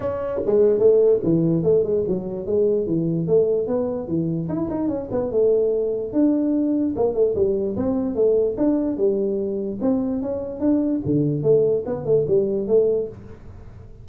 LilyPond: \new Staff \with { instrumentName = "tuba" } { \time 4/4 \tempo 4 = 147 cis'4 gis4 a4 e4 | a8 gis8 fis4 gis4 e4 | a4 b4 e4 e'8 dis'8 | cis'8 b8 a2 d'4~ |
d'4 ais8 a8 g4 c'4 | a4 d'4 g2 | c'4 cis'4 d'4 d4 | a4 b8 a8 g4 a4 | }